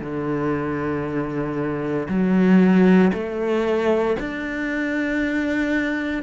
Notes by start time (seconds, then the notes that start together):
0.00 D3
2.08 F#3
3.13 A3
4.19 D4